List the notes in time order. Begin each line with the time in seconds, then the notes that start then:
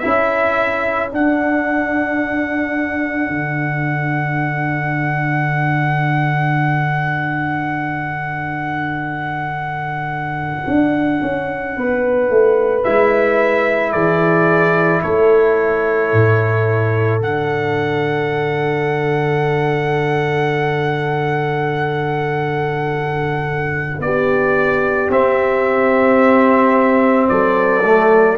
0.00 C#4 E4 A4 E5
1.11 D4 F#5
3.30 D3
10.67 D4
11.22 C#4
11.77 B3 B4
12.30 A3
12.84 G#3 E4 E5
13.92 E3 G#4 D5
15.03 A3 A4 C#5
16.13 A2
17.21 D3 D4 F#5
23.99 B3 G4 D5
25.10 C4 E5
27.29 F#3 A4 D5
27.85 A3